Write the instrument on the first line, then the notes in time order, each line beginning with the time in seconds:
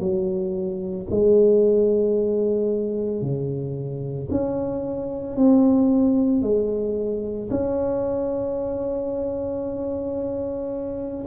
tuba
0.00 F#3
1.11 G#3
3.22 C#3
4.31 C#4
5.37 C4
6.42 G#3
7.51 C#4